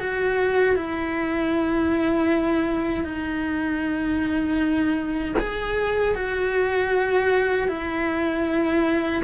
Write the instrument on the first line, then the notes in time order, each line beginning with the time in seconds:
cello
0.00 F#4
0.76 E4
3.04 D#4
5.39 G#4
6.15 F#4
7.69 E4